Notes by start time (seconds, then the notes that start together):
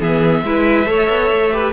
0.00 E3 B3 G#4 E5
0.43 G#3 E4 B4
0.86 A3 A4 C#5
1.09 B3
1.31 A3
1.52 G4 B4